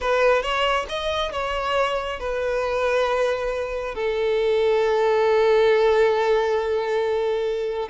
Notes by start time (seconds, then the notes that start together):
0.00 B4
0.42 C#5
0.88 D#5
1.32 C#5
2.19 B4
3.95 A4